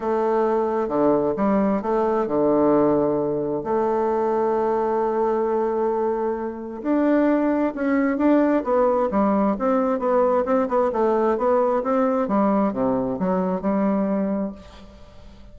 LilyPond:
\new Staff \with { instrumentName = "bassoon" } { \time 4/4 \tempo 4 = 132 a2 d4 g4 | a4 d2. | a1~ | a2. d'4~ |
d'4 cis'4 d'4 b4 | g4 c'4 b4 c'8 b8 | a4 b4 c'4 g4 | c4 fis4 g2 | }